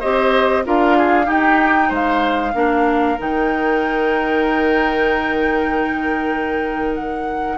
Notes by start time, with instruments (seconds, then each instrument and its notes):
0.00 bassoon C4, clarinet G4, oboe C5, flute D#5
0.65 bassoon D4, clarinet F4, oboe A#4, flute F5
0.98 oboe G#4
1.25 clarinet D#4, bassoon D#4, oboe G4, flute G5
1.89 bassoon G#3, oboe C5, flute F5
2.54 bassoon A#3, clarinet D4, oboe A#4
3.19 bassoon D#3, clarinet D#4, flute G5
6.95 flute F#5